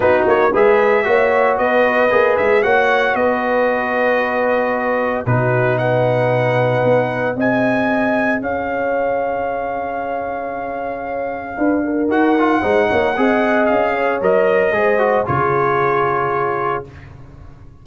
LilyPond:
<<
  \new Staff \with { instrumentName = "trumpet" } { \time 4/4 \tempo 4 = 114 b'8 cis''8 e''2 dis''4~ | dis''8 e''8 fis''4 dis''2~ | dis''2 b'4 fis''4~ | fis''2 gis''2 |
f''1~ | f''2. fis''4~ | fis''2 f''4 dis''4~ | dis''4 cis''2. | }
  \new Staff \with { instrumentName = "horn" } { \time 4/4 fis'4 b'4 cis''4 b'4~ | b'4 cis''4 b'2~ | b'2 fis'4 b'4~ | b'2 dis''2 |
cis''1~ | cis''2 b'8 ais'4. | c''8 cis''8 dis''4. cis''4. | c''4 gis'2. | }
  \new Staff \with { instrumentName = "trombone" } { \time 4/4 dis'4 gis'4 fis'2 | gis'4 fis'2.~ | fis'2 dis'2~ | dis'2 gis'2~ |
gis'1~ | gis'2. fis'8 f'8 | dis'4 gis'2 ais'4 | gis'8 fis'8 f'2. | }
  \new Staff \with { instrumentName = "tuba" } { \time 4/4 b8 ais8 gis4 ais4 b4 | ais8 gis8 ais4 b2~ | b2 b,2~ | b,4 b4 c'2 |
cis'1~ | cis'2 d'4 dis'4 | gis8 ais8 c'4 cis'4 fis4 | gis4 cis2. | }
>>